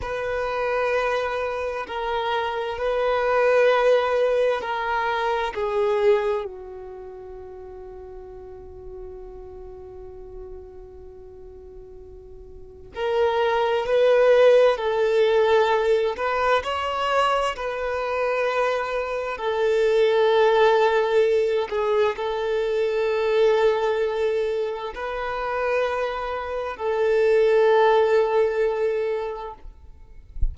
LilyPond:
\new Staff \with { instrumentName = "violin" } { \time 4/4 \tempo 4 = 65 b'2 ais'4 b'4~ | b'4 ais'4 gis'4 fis'4~ | fis'1~ | fis'2 ais'4 b'4 |
a'4. b'8 cis''4 b'4~ | b'4 a'2~ a'8 gis'8 | a'2. b'4~ | b'4 a'2. | }